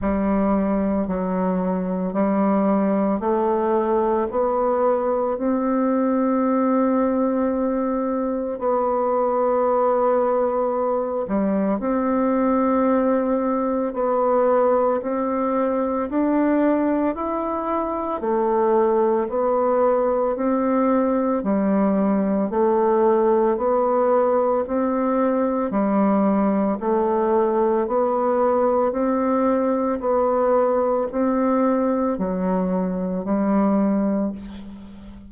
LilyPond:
\new Staff \with { instrumentName = "bassoon" } { \time 4/4 \tempo 4 = 56 g4 fis4 g4 a4 | b4 c'2. | b2~ b8 g8 c'4~ | c'4 b4 c'4 d'4 |
e'4 a4 b4 c'4 | g4 a4 b4 c'4 | g4 a4 b4 c'4 | b4 c'4 fis4 g4 | }